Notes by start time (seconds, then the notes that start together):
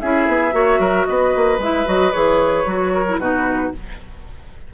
0.00 C#4 E4 G#4 E5
0.28 B3
0.52 A#3 F#4 C#5
0.79 F#3 A#4
1.06 B3 B4 D#5
1.36 A#3
1.59 G#3 E4 E5
1.85 F#3 F#4 D#5
2.12 E3 G#4 C#5
2.65 F#3 F#4
2.94 A#4
3.09 E4
3.19 B2 D#4 F#4 B4